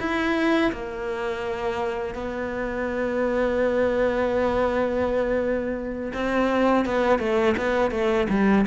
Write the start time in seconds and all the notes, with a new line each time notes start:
0.00 E4
0.73 A#3
2.15 B3
6.13 C4
6.85 B3
7.19 A3
7.57 B3
7.92 A3
8.30 G3